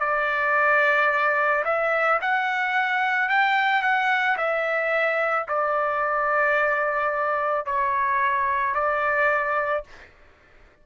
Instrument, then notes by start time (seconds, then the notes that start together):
trumpet
0.00 D5
1.65 E5
2.21 F#5
3.29 G5
3.82 F#5
4.37 E5
5.48 D5
7.66 C#5
8.75 D5